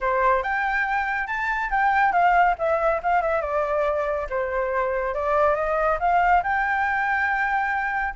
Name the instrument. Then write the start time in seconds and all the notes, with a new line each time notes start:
flute
0.00 C5
0.42 G5
1.27 A5
1.70 G5
2.12 F5
2.58 E5
3.03 F5
3.22 E5
3.41 D5
4.29 C5
5.14 D5
5.55 D#5
5.99 F5
6.43 G5